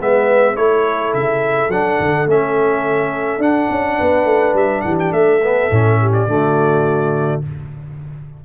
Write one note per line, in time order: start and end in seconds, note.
0.00 0.57 G#3
0.00 0.56 B3
0.00 0.58 B4
0.00 0.57 E5
0.56 1.14 A3
0.56 1.70 E4
0.56 3.97 A4
0.56 1.14 C#5
1.14 1.69 C#3
1.14 1.71 E5
1.69 1.98 F#3
1.69 2.27 D4
1.69 2.28 F#5
1.99 2.26 D3
2.26 3.38 A3
2.26 3.40 C#4
2.26 3.42 E5
3.38 3.67 D4
3.38 5.40 D4
3.38 4.56 F#5
3.70 3.99 C#4
3.97 4.25 B3
3.97 4.83 B4
4.25 4.54 A3
4.54 4.82 G3
4.54 4.81 E5
4.81 5.12 E3
4.81 5.15 G4
4.81 4.95 F#5
4.99 5.13 G5
5.12 5.69 A3
5.12 6.01 A4
5.12 6.13 E5
5.43 5.71 B3
5.71 6.27 A2
5.71 6.28 C#4
6.01 6.30 G4
6.13 7.42 D5
6.27 7.42 D3
6.27 7.43 A3
6.27 7.45 F#4